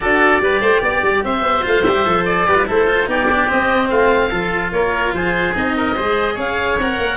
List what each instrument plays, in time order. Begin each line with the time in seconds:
0.00 tuba D4, cello F#4, oboe A4 D5
0.40 tuba G3, cello G4, oboe B4
0.60 tuba A3, oboe C5
0.81 tuba B3, oboe D5
1.02 tuba G3
1.24 tuba C4, oboe C5 E5
1.41 tuba B3
1.62 tuba A3, cello F4, oboe F5
1.83 tuba G3, cello G4, oboe E5
2.05 tuba F3, cello A4
2.25 oboe D5
2.47 tuba G3, cello G4, oboe B4
2.54 cello F4
2.66 tuba A3, cello E4, oboe A4 C5
2.86 cello F4
3.06 tuba B3, cello D#4, oboe G4 D5
3.31 cello D4
3.48 cello C4, tuba C4, oboe D#5
3.89 tuba A3, oboe F4 F5
4.29 tuba F3, cello F4, oboe A4
4.71 tuba A#3, oboe A#4 C#5
5.13 tuba F3, oboe G#4 C5
5.54 tuba C4, cello D#4, oboe D#5
5.76 oboe A#4
5.95 tuba G#3, cello G#4, oboe C5
6.34 tuba C#4, oboe C#5 F5
6.77 tuba C4, cello A#4, oboe F#5
6.98 tuba A#3